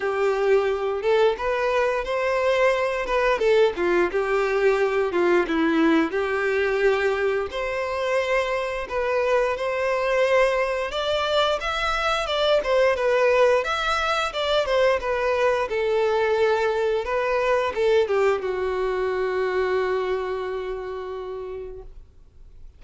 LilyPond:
\new Staff \with { instrumentName = "violin" } { \time 4/4 \tempo 4 = 88 g'4. a'8 b'4 c''4~ | c''8 b'8 a'8 f'8 g'4. f'8 | e'4 g'2 c''4~ | c''4 b'4 c''2 |
d''4 e''4 d''8 c''8 b'4 | e''4 d''8 c''8 b'4 a'4~ | a'4 b'4 a'8 g'8 fis'4~ | fis'1 | }